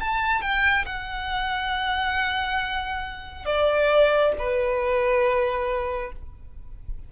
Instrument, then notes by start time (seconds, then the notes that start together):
violin
0.00 A5
0.42 G5
0.86 F#5
3.46 D5
4.39 B4